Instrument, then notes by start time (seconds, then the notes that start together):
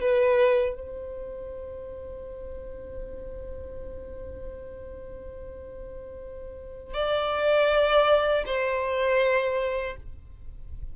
violin
0.00 B4
0.75 C5
6.94 D5
8.46 C5